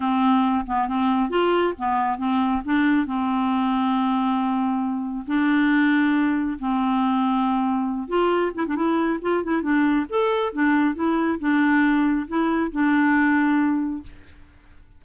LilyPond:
\new Staff \with { instrumentName = "clarinet" } { \time 4/4 \tempo 4 = 137 c'4. b8 c'4 f'4 | b4 c'4 d'4 c'4~ | c'1 | d'2. c'4~ |
c'2~ c'8 f'4 e'16 d'16 | e'4 f'8 e'8 d'4 a'4 | d'4 e'4 d'2 | e'4 d'2. | }